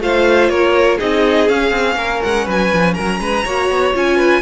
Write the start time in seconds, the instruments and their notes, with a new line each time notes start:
0.00 cello A3, viola F4, violin C5 F5
0.49 cello A#3, violin A#4 C#5
0.97 cello C4, viola D#4, violin G#4 D#5
1.47 viola C#4, cello C#4, violin F5
1.71 cello C4
1.95 cello A#3, violin A#4
2.23 cello G#3, violin F#5
2.45 cello F#3, violin B4 G#5
2.72 cello F3
2.94 cello F#3, violin A#4 A#5
3.20 cello G#3, violin B4
3.44 cello A#3, viola F#4, violin C#5
3.69 cello B3
3.93 cello C#4, viola F4, violin G#5
4.16 violin B4